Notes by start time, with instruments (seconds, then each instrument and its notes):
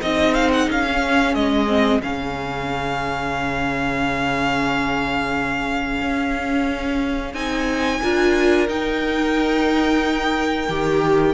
0.00 cello C4, viola D#4, violin G#4 D#5
0.34 violin F5
0.52 violin F#5
0.70 cello C#4, violin F5
0.87 viola C#4
1.34 cello G#3, violin D#5
1.67 viola C4
2.02 cello C#3, viola C#4, violin F5
6.02 cello C#4
7.34 cello C4, viola D#4, violin G#5
8.02 cello D4, viola F4, violin A#4
8.67 viola D#4, cello D#4, violin G5
10.68 cello D#3, viola G4